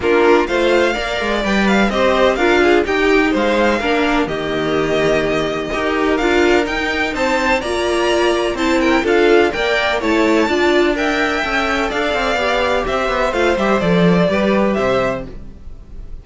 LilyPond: <<
  \new Staff \with { instrumentName = "violin" } { \time 4/4 \tempo 4 = 126 ais'4 f''2 g''8 f''8 | dis''4 f''4 g''4 f''4~ | f''4 dis''2.~ | dis''4 f''4 g''4 a''4 |
ais''2 a''8 g''8 f''4 | g''4 a''2 g''4~ | g''4 f''2 e''4 | f''8 e''8 d''2 e''4 | }
  \new Staff \with { instrumentName = "violin" } { \time 4/4 f'4 c''4 d''2 | c''4 ais'8 gis'8 g'4 c''4 | ais'4 g'2. | ais'2. c''4 |
d''2 c''8 ais'8 a'4 | d''4 cis''4 d''4 e''4~ | e''4 d''2 c''4~ | c''2 b'4 c''4 | }
  \new Staff \with { instrumentName = "viola" } { \time 4/4 d'4 f'4 ais'4 b'4 | g'4 f'4 dis'2 | d'4 ais2. | g'4 f'4 dis'2 |
f'2 e'4 f'4 | ais'4 e'4 f'4 ais'4 | a'2 g'2 | f'8 g'8 a'4 g'2 | }
  \new Staff \with { instrumentName = "cello" } { \time 4/4 ais4 a4 ais8 gis8 g4 | c'4 d'4 dis'4 gis4 | ais4 dis2. | dis'4 d'4 dis'4 c'4 |
ais2 c'4 d'4 | ais4 a4 d'2 | cis'4 d'8 c'8 b4 c'8 b8 | a8 g8 f4 g4 c4 | }
>>